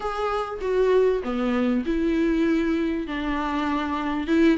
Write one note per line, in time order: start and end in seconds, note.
0.00 0.59 G#4
0.61 1.22 F#4
1.23 1.84 B3
1.85 3.07 E4
3.07 4.27 D4
4.27 4.57 E4